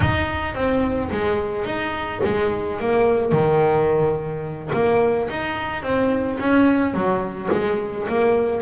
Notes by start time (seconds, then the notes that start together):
0.00 D#4
0.54 C4
1.11 G#3
1.65 D#4
2.24 G#3
2.80 A#3
3.32 D#3
4.73 A#3
5.29 D#4
5.83 C4
6.39 C#4
6.93 F#3
7.52 G#3
8.08 A#3